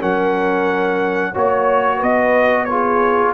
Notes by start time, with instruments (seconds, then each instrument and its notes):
0.00 tuba F#3, trombone C#4, horn A#4, trumpet F#5
1.32 tuba A#3, trombone F#4, horn C#5, trumpet C#5
1.97 tuba B3, horn B4, trumpet D#5
2.64 trombone F4, horn G#4, trumpet C#5